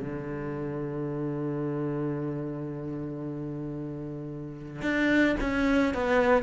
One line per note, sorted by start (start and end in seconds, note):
0.00 4.82 D3
4.82 5.35 D4
5.40 5.94 C#4
5.94 6.43 B3